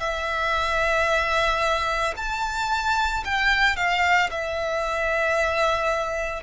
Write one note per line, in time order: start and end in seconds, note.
0.00 2.14 E5
2.17 3.24 A5
3.25 3.76 G5
3.76 4.30 F5
4.31 6.43 E5